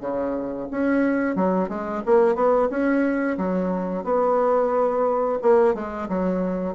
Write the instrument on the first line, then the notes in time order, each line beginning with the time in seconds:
bassoon
0.00 C#3
0.70 C#4
1.35 F#3
1.69 G#3
2.05 A#3
2.35 B3
2.69 C#4
3.37 F#3
4.04 B3
5.41 A#3
5.74 G#3
6.08 F#3